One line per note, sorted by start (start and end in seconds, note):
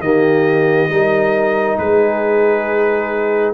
0.00 0.88 D#3
0.00 0.91 A#3
0.00 0.93 G4
0.00 1.78 D#5
0.90 1.78 G3
0.90 3.54 D#4
0.90 1.80 A#4
1.78 3.54 G#3
1.78 3.54 G#4
1.78 3.54 B4